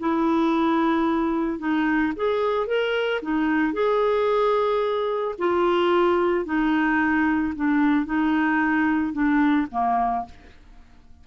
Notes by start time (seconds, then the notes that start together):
0.00 E4
1.59 D#4
2.16 G#4
2.67 A#4
3.23 D#4
3.73 G#4
5.39 F4
6.46 D#4
7.56 D4
8.06 D#4
9.13 D4
9.71 A#3